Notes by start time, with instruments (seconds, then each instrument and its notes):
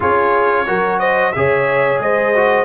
0.00 tuba C#4, trombone F4, horn G#4, trumpet C#5
0.66 tuba F#3, trombone F#4, horn A#4
0.99 horn C5, trumpet D#5
1.32 tuba C#3, trombone G#4, horn C#5, trumpet E5
1.99 tuba G#3, horn C5, trumpet D#5
2.35 trombone F#4